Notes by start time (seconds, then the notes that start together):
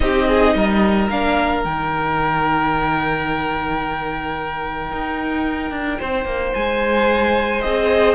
0.00 C4 D#4 G4 D#5
0.27 G#4
0.54 G3 A#4
1.09 A#3 D4 F5
1.63 D#3 D#4 G5
4.91 D#4
5.70 D4
5.99 C4 C5
6.24 A#3
6.54 G#3 G#5
7.61 C4 G#4 D#5